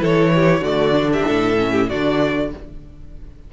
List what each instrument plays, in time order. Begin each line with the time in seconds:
0.00 cello E3, viola E4, violin A4 C#5
0.35 violin G4
0.60 cello D3, viola A3, violin F#4 D5
0.92 viola D4
1.12 violin G4 E5
1.26 cello A2, violin A4
1.58 viola C#4
1.71 violin G4
1.88 cello D3, viola D4, violin F#4 D5